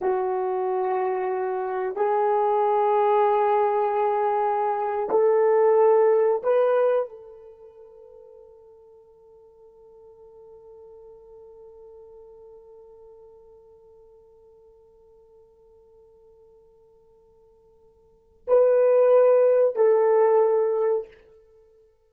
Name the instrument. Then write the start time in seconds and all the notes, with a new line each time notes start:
horn
0.01 F#4
1.96 G#4
5.10 A4
6.43 B4
7.09 A4
18.47 B4
19.75 A4